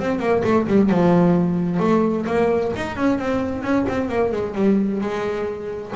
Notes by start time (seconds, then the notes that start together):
0.00 C4
0.20 A#3
0.44 A3
0.68 G3
0.90 F3
1.80 A3
2.27 A#3
2.76 D#4
2.97 C#4
3.20 C4
3.63 C#4
3.89 C4
4.10 A#3
4.32 G#3
4.55 G3
5.02 G#3